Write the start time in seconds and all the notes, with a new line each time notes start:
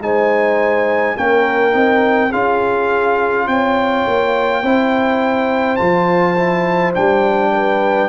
0.00 G#3 D#4 C5 G#5
1.17 A#3 C#4 A#4 G5
1.73 C4 D#4
2.30 C#4 F4 G#4 F5
3.48 C4 C#5 G5
4.08 A#3
4.63 C4 E4 C5
5.77 F3 F4 A5
6.37 E4
6.95 G3 D4 G5
7.53 B4